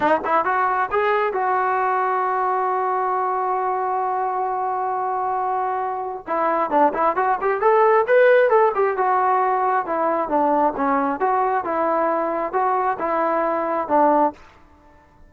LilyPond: \new Staff \with { instrumentName = "trombone" } { \time 4/4 \tempo 4 = 134 dis'8 e'8 fis'4 gis'4 fis'4~ | fis'1~ | fis'1~ | fis'2 e'4 d'8 e'8 |
fis'8 g'8 a'4 b'4 a'8 g'8 | fis'2 e'4 d'4 | cis'4 fis'4 e'2 | fis'4 e'2 d'4 | }